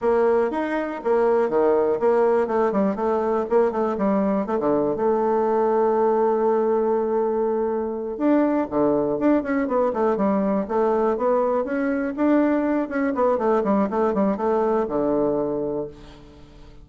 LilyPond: \new Staff \with { instrumentName = "bassoon" } { \time 4/4 \tempo 4 = 121 ais4 dis'4 ais4 dis4 | ais4 a8 g8 a4 ais8 a8 | g4 a16 d8. a2~ | a1~ |
a8 d'4 d4 d'8 cis'8 b8 | a8 g4 a4 b4 cis'8~ | cis'8 d'4. cis'8 b8 a8 g8 | a8 g8 a4 d2 | }